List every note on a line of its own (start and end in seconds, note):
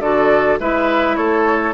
0.00 0.58 D3
0.00 0.60 F#4
0.00 0.59 A4
0.00 0.59 D5
0.60 1.17 G#3
0.60 1.74 E4
0.60 1.17 B4
0.60 1.16 E5
1.16 1.74 A3
1.16 1.74 A4
1.16 1.74 C#5